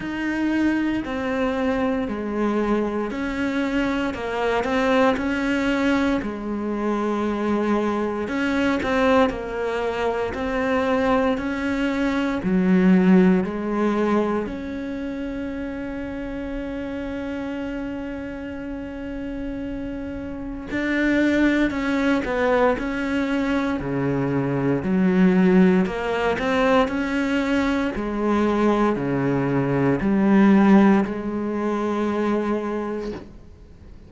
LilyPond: \new Staff \with { instrumentName = "cello" } { \time 4/4 \tempo 4 = 58 dis'4 c'4 gis4 cis'4 | ais8 c'8 cis'4 gis2 | cis'8 c'8 ais4 c'4 cis'4 | fis4 gis4 cis'2~ |
cis'1 | d'4 cis'8 b8 cis'4 cis4 | fis4 ais8 c'8 cis'4 gis4 | cis4 g4 gis2 | }